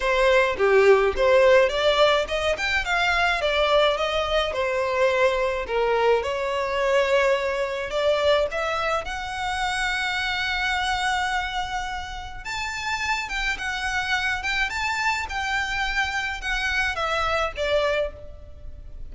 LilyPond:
\new Staff \with { instrumentName = "violin" } { \time 4/4 \tempo 4 = 106 c''4 g'4 c''4 d''4 | dis''8 g''8 f''4 d''4 dis''4 | c''2 ais'4 cis''4~ | cis''2 d''4 e''4 |
fis''1~ | fis''2 a''4. g''8 | fis''4. g''8 a''4 g''4~ | g''4 fis''4 e''4 d''4 | }